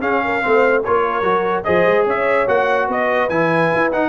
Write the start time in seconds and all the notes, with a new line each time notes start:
0.00 C#4 G#4 F5
0.24 A#4
0.41 A3 C4 C5
0.84 A#3 F4 A#4 C#5
1.21 F#3 F#4
1.64 F3 G#4 C5 D#5
1.86 G#3
2.05 C#4 C#5 E5
2.47 A#3 F#4 F#5
2.88 B3 B4 D#5
3.29 E3 E4 G#5
3.74 E4
3.92 D#4 F#5